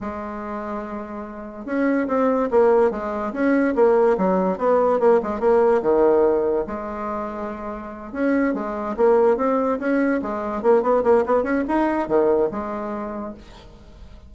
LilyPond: \new Staff \with { instrumentName = "bassoon" } { \time 4/4 \tempo 4 = 144 gis1 | cis'4 c'4 ais4 gis4 | cis'4 ais4 fis4 b4 | ais8 gis8 ais4 dis2 |
gis2.~ gis8 cis'8~ | cis'8 gis4 ais4 c'4 cis'8~ | cis'8 gis4 ais8 b8 ais8 b8 cis'8 | dis'4 dis4 gis2 | }